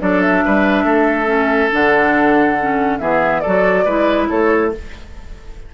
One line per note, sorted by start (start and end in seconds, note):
0.00 0.44 F#3
0.00 1.26 D4
0.00 0.44 A4
0.00 0.21 D5
0.21 1.71 E5
0.45 0.84 G3
0.45 0.84 B4
0.84 1.70 A3
0.84 2.98 A4
1.26 1.69 C#4
1.71 3.00 D3
1.71 2.57 D4
1.71 2.99 F#5
2.61 3.00 C#4
2.99 3.43 E3
2.99 3.43 B3
2.99 3.41 G#4
2.99 3.40 E5
3.40 3.87 F#4
3.40 3.84 A4
3.40 4.26 D5
3.46 3.86 F#3
3.85 4.29 G#3
3.85 4.72 E4
3.85 4.28 B4
4.29 4.74 A3
4.29 4.72 A4
4.29 4.71 C#5